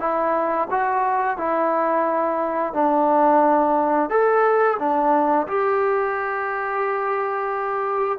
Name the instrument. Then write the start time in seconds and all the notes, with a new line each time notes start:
trombone
0.00 E4
0.71 F#4
1.38 E4
2.74 D4
4.10 A4
4.79 D4
5.48 G4